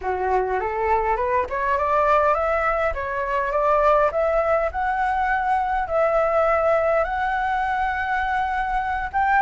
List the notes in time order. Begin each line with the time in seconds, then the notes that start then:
0.01 F#4
0.59 A4
1.16 B4
1.49 C#5
1.77 D5
2.34 E5
2.94 C#5
3.51 D5
4.11 E5
4.71 F#5
5.87 E5
7.04 F#5
9.12 G5